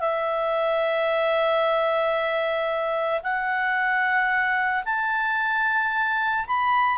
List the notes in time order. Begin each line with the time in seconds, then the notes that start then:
0.00 E5
3.23 F#5
4.86 A5
6.47 B5